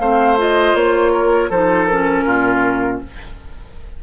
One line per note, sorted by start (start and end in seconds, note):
0.00 0.75 A3
0.00 0.38 C4
0.00 1.13 C5
0.00 0.38 F5
0.38 1.51 F4
0.38 0.76 D#5
0.75 1.50 A#3
0.75 1.51 C#5
1.13 1.50 A#4
1.50 2.26 F3
1.50 1.90 D#4
1.50 2.25 A4
1.50 1.87 C5
1.87 3.04 C#4
1.87 2.99 A#4
2.26 3.01 A#2
2.26 3.01 F4